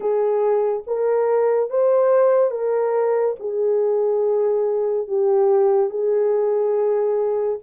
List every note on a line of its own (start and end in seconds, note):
0.00 0.83 G#4
0.86 1.69 A#4
1.69 2.50 C5
2.50 3.35 A#4
3.39 5.07 G#4
5.07 5.89 G4
5.89 7.58 G#4